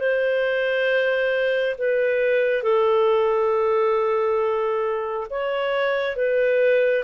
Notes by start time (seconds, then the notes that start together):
0.00 C5
1.78 B4
2.63 A4
5.31 C#5
6.16 B4